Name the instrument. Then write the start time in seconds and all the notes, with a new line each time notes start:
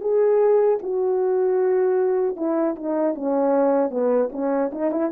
horn
0.00 G#4
0.82 F#4
2.36 E4
2.75 D#4
3.14 C#4
3.90 B3
4.31 C#4
4.72 D#4
4.91 E4